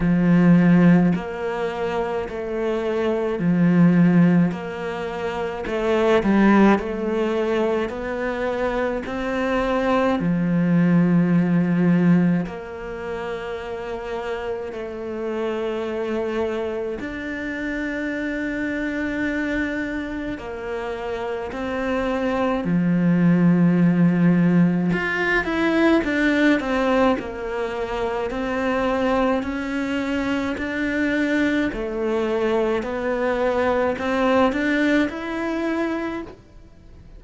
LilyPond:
\new Staff \with { instrumentName = "cello" } { \time 4/4 \tempo 4 = 53 f4 ais4 a4 f4 | ais4 a8 g8 a4 b4 | c'4 f2 ais4~ | ais4 a2 d'4~ |
d'2 ais4 c'4 | f2 f'8 e'8 d'8 c'8 | ais4 c'4 cis'4 d'4 | a4 b4 c'8 d'8 e'4 | }